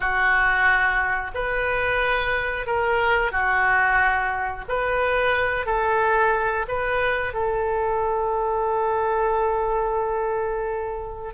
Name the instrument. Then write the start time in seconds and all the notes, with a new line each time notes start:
oboe
0.00 F#4
1.34 B4
2.66 A#4
3.31 F#4
4.68 B4
5.65 A4
6.68 B4
7.33 A4